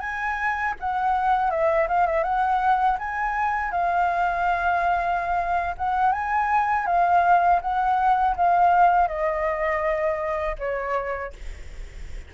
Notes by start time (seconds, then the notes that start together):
0.00 G#5
0.80 F#5
1.51 E5
1.88 F5
2.07 E5
2.24 F#5
2.99 G#5
3.72 F5
5.77 F#5
6.12 G#5
6.87 F5
7.62 F#5
8.36 F5
9.08 D#5
10.59 C#5